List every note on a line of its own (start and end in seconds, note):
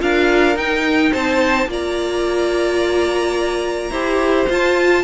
0.00 0.57 D4
0.00 0.56 F4
0.00 1.12 A#4
0.00 0.58 F5
0.57 1.13 D#4
0.57 1.69 D#4
0.57 1.14 G5
1.12 1.67 C4
1.12 1.69 C5
1.12 1.70 A5
1.67 3.91 A#3
1.67 3.93 F4
1.67 3.92 D5
1.73 4.52 A#5
3.91 4.47 E4
3.91 4.49 G4
3.91 5.04 C5
4.50 5.05 F4
4.50 5.05 A5